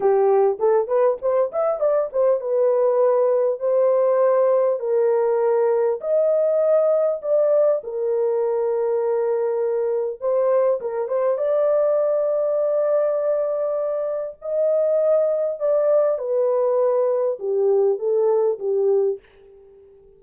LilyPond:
\new Staff \with { instrumentName = "horn" } { \time 4/4 \tempo 4 = 100 g'4 a'8 b'8 c''8 e''8 d''8 c''8 | b'2 c''2 | ais'2 dis''2 | d''4 ais'2.~ |
ais'4 c''4 ais'8 c''8 d''4~ | d''1 | dis''2 d''4 b'4~ | b'4 g'4 a'4 g'4 | }